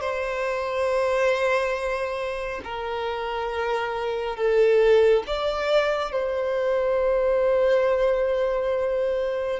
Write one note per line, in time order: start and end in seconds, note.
0.00 2.61 C5
2.64 4.36 A#4
4.36 5.23 A4
5.27 6.12 D5
6.12 9.60 C5